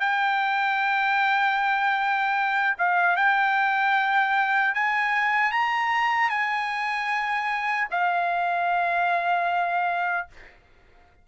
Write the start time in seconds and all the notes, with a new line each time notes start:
0.00 G5
2.78 F5
3.16 G5
4.74 G#5
5.52 A#5
6.29 G#5
7.91 F5